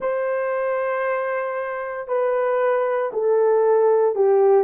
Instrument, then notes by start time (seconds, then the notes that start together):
horn
0.00 C5
2.07 B4
3.12 A4
4.15 G4